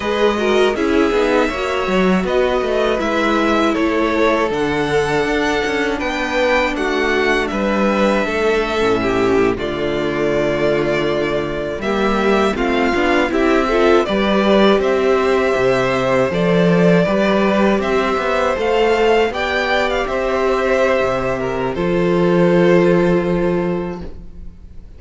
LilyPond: <<
  \new Staff \with { instrumentName = "violin" } { \time 4/4 \tempo 4 = 80 dis''4 e''2 dis''4 | e''4 cis''4 fis''2 | g''4 fis''4 e''2~ | e''8. d''2. e''16~ |
e''8. f''4 e''4 d''4 e''16~ | e''4.~ e''16 d''2 e''16~ | e''8. f''4 g''8. f''16 e''4~ e''16~ | e''4 c''2. | }
  \new Staff \with { instrumentName = "violin" } { \time 4/4 b'8 ais'8 gis'4 cis''4 b'4~ | b'4 a'2. | b'4 fis'4 b'4 a'4 | g'8. f'2. g'16~ |
g'8. f'4 g'8 a'8 b'4 c''16~ | c''2~ c''8. b'4 c''16~ | c''4.~ c''16 d''4 c''4~ c''16~ | c''8 ais'8 a'2. | }
  \new Staff \with { instrumentName = "viola" } { \time 4/4 gis'8 fis'8 e'8 dis'8 fis'2 | e'2 d'2~ | d'2.~ d'8. cis'16~ | cis'8. a2. ais16~ |
ais8. c'8 d'8 e'8 f'8 g'4~ g'16~ | g'4.~ g'16 a'4 g'4~ g'16~ | g'8. a'4 g'2~ g'16~ | g'4 f'2. | }
  \new Staff \with { instrumentName = "cello" } { \time 4/4 gis4 cis'8 b8 ais8 fis8 b8 a8 | gis4 a4 d4 d'8 cis'8 | b4 a4 g4 a8. a,16~ | a,8. d2. g16~ |
g8. a8 b8 c'4 g4 c'16~ | c'8. c4 f4 g4 c'16~ | c'16 b8 a4 b4 c'4~ c'16 | c4 f2. | }
>>